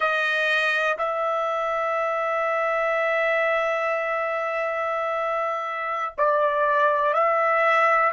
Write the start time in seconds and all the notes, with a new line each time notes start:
0.00 D#5
0.97 E5
6.17 D5
7.13 E5